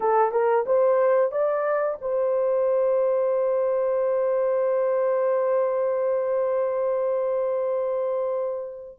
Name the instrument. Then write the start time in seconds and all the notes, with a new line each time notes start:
horn
0.00 A4
0.31 A#4
0.65 C5
1.31 D5
2.01 C5